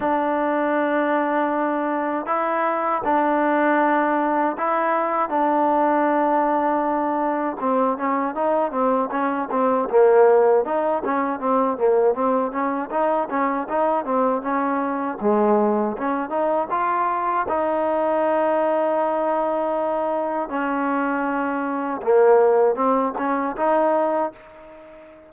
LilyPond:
\new Staff \with { instrumentName = "trombone" } { \time 4/4 \tempo 4 = 79 d'2. e'4 | d'2 e'4 d'4~ | d'2 c'8 cis'8 dis'8 c'8 | cis'8 c'8 ais4 dis'8 cis'8 c'8 ais8 |
c'8 cis'8 dis'8 cis'8 dis'8 c'8 cis'4 | gis4 cis'8 dis'8 f'4 dis'4~ | dis'2. cis'4~ | cis'4 ais4 c'8 cis'8 dis'4 | }